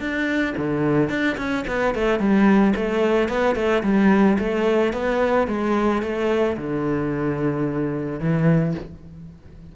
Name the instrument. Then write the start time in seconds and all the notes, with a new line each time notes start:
cello
0.00 D4
0.58 D3
1.10 D4
1.38 C#4
1.68 B3
1.95 A3
2.20 G3
2.76 A3
3.29 B3
3.56 A3
3.84 G3
4.39 A3
4.93 B3
5.48 G#3
6.02 A3
6.57 D3
8.20 E3